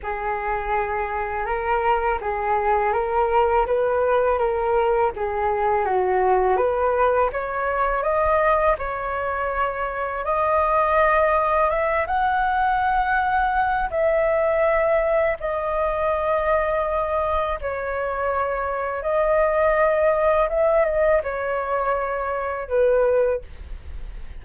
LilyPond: \new Staff \with { instrumentName = "flute" } { \time 4/4 \tempo 4 = 82 gis'2 ais'4 gis'4 | ais'4 b'4 ais'4 gis'4 | fis'4 b'4 cis''4 dis''4 | cis''2 dis''2 |
e''8 fis''2~ fis''8 e''4~ | e''4 dis''2. | cis''2 dis''2 | e''8 dis''8 cis''2 b'4 | }